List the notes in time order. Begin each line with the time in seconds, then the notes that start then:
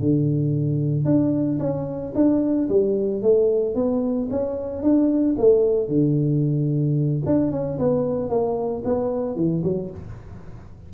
0.00 D3
1.05 D4
1.60 C#4
2.16 D4
2.69 G3
3.23 A3
3.75 B3
4.31 C#4
4.83 D4
5.38 A3
5.89 D3
7.26 D4
7.52 C#4
7.79 B3
8.30 A#3
8.85 B3
9.36 E3
9.64 F#3